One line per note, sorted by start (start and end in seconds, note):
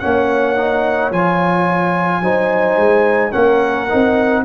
0.00 1.12 A#3
0.00 0.56 C#4
0.00 2.22 C#5
0.00 1.11 F#5
0.56 1.12 D#4
1.12 2.21 F3
1.12 2.23 F4
1.12 3.32 G#5
2.21 2.77 F#3
2.21 3.31 D#4
2.21 3.31 C5
2.77 3.32 G#3
3.31 3.91 A#3
3.31 3.87 C#4
3.31 4.43 A#4
3.31 4.44 F#5
3.90 4.45 C4
3.90 4.45 D#4